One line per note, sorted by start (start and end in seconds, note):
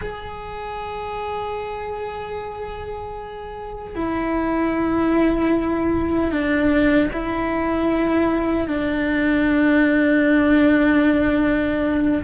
0.01 3.95 G#4
3.95 6.31 E4
6.31 7.10 D4
7.12 8.67 E4
8.67 12.23 D4